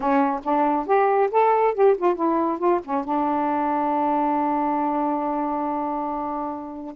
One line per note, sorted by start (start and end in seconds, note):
0.00 0.41 C#4
0.43 0.86 D4
0.86 1.29 G4
1.31 1.74 A4
1.74 1.96 G4
1.97 2.15 F4
2.15 2.58 E4
2.58 2.80 F4
2.84 3.04 C#4
3.04 6.95 D4